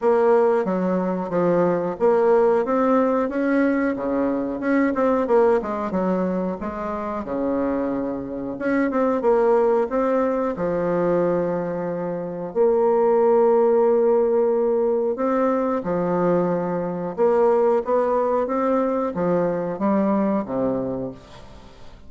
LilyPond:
\new Staff \with { instrumentName = "bassoon" } { \time 4/4 \tempo 4 = 91 ais4 fis4 f4 ais4 | c'4 cis'4 cis4 cis'8 c'8 | ais8 gis8 fis4 gis4 cis4~ | cis4 cis'8 c'8 ais4 c'4 |
f2. ais4~ | ais2. c'4 | f2 ais4 b4 | c'4 f4 g4 c4 | }